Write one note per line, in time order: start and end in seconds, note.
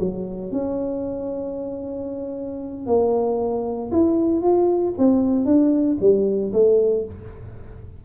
0.00 0.52 F#3
0.52 2.87 C#4
2.87 3.91 A#3
3.92 4.42 E4
4.42 4.94 F4
4.98 5.45 C4
5.45 5.98 D4
6.01 6.53 G3
6.53 7.05 A3